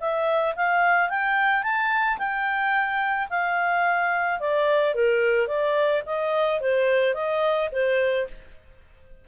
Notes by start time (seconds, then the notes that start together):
0.00 E5
0.56 F5
1.09 G5
1.63 A5
2.18 G5
3.30 F5
4.40 D5
4.94 A#4
5.47 D5
6.06 D#5
6.60 C5
7.14 D#5
7.72 C5